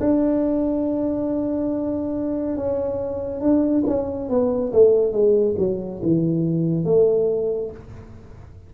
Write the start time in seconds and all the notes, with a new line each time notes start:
0.00 D4
2.56 C#4
3.41 D4
3.87 C#4
4.29 B3
4.73 A3
5.12 G#3
5.58 F#3
6.03 E3
6.85 A3